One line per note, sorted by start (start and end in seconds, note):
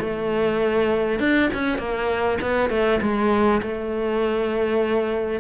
0.00 1.20 A3
1.20 1.50 D4
1.54 1.78 C#4
1.78 2.38 A#3
2.42 2.70 B3
2.70 3.00 A3
3.02 3.62 G#3
3.62 5.41 A3